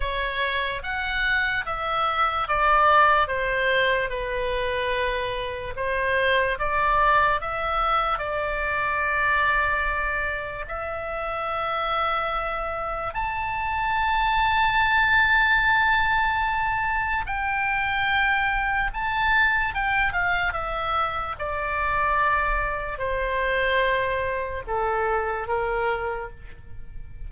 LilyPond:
\new Staff \with { instrumentName = "oboe" } { \time 4/4 \tempo 4 = 73 cis''4 fis''4 e''4 d''4 | c''4 b'2 c''4 | d''4 e''4 d''2~ | d''4 e''2. |
a''1~ | a''4 g''2 a''4 | g''8 f''8 e''4 d''2 | c''2 a'4 ais'4 | }